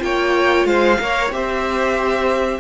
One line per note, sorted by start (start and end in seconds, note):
0.00 0.65 A#3
0.00 0.97 F4
0.00 0.68 C#5
0.00 0.66 G5
0.65 0.97 G#3
0.65 1.00 C5
0.65 1.31 F5
0.99 1.30 A#3
0.99 1.31 A#4
0.99 1.35 C#5
1.30 2.59 C4
1.30 2.60 G4
1.30 2.60 C5
1.30 2.60 E5